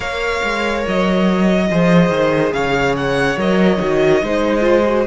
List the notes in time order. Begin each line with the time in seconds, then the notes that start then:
0.00 A#3 A#4 C#5 F5
0.43 G#3
0.87 F#3 D#5
1.70 F3 G#4 C5
2.09 D#3
2.52 C#3 C#5 F5
2.96 F#5
3.36 F#3 A#4 D#5
3.79 D#3 F#4
4.22 G#3 D#4 C5
4.61 F4
4.86 F#4